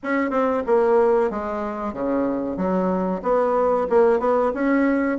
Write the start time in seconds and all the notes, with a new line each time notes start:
0.03 C#4
0.30 C4
0.66 A#3
1.30 G#3
1.93 C#3
2.56 F#3
3.22 B3
3.89 A#3
4.19 B3
4.53 C#4